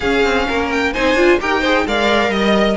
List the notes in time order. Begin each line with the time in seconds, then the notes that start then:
0.00 C#4 G#4 F5
0.23 C4
0.47 A#3 A#4
0.70 G5
0.93 C4 D#4 C5 G#5
1.14 D4 F4
1.40 D#4 G4 A#4 G5
1.60 G#4 C5
1.86 G#3 A#4 D5 F5
2.28 G3 D#5